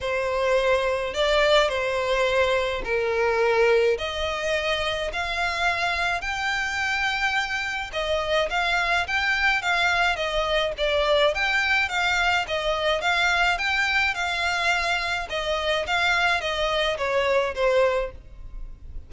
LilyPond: \new Staff \with { instrumentName = "violin" } { \time 4/4 \tempo 4 = 106 c''2 d''4 c''4~ | c''4 ais'2 dis''4~ | dis''4 f''2 g''4~ | g''2 dis''4 f''4 |
g''4 f''4 dis''4 d''4 | g''4 f''4 dis''4 f''4 | g''4 f''2 dis''4 | f''4 dis''4 cis''4 c''4 | }